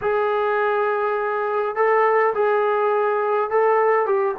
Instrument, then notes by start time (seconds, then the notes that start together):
trombone
0.01 G#4
1.75 A4
2.34 G#4
3.50 A4
4.05 G4